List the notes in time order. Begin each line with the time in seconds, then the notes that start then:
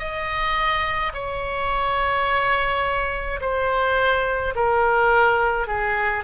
0.00 D#5
1.14 C#5
3.41 C5
4.56 A#4
5.68 G#4